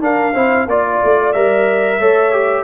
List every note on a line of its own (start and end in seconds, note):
0.00 0.33 D4
0.00 0.35 D4
0.00 0.34 A#4
0.00 0.69 F5
0.34 0.66 C4
0.34 0.68 E4
0.34 0.67 C5
0.66 0.99 A#3
0.66 1.34 F4
0.66 1.32 D5
0.66 1.99 D5
1.03 1.35 A3
1.32 1.99 G3
1.32 2.00 A#4
1.32 2.64 E5
1.99 2.64 A3
1.99 2.32 A4
1.99 2.64 C#5
2.32 2.64 G4